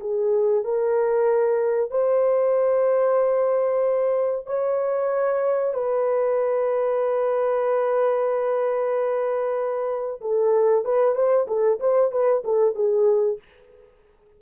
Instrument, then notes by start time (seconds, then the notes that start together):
horn
0.00 G#4
0.64 A#4
1.90 C5
4.46 C#5
5.73 B4
10.20 A4
10.84 B4
11.14 C5
11.47 A4
11.80 C5
12.11 B4
12.44 A4
12.75 G#4